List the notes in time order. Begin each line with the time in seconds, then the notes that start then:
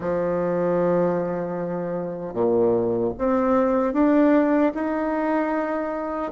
0.00 F3
2.33 A#2
3.18 C4
3.93 D4
4.74 D#4